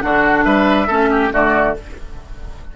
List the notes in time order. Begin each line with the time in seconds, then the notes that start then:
0.00 D3 D4 F#4 F#5
0.44 G3 B4 E5
0.87 A3 C#4 A4
1.11 G4
1.32 D3 A3 F#4 D5